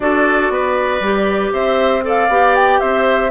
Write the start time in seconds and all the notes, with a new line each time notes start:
0.00 D4 F#4 A4 D5
0.49 B3 B4
1.00 G3 G4
1.52 C4 C5 E5
2.03 A4 D5 F5
2.28 B3 G4
2.55 G5
2.79 C4 C5 E5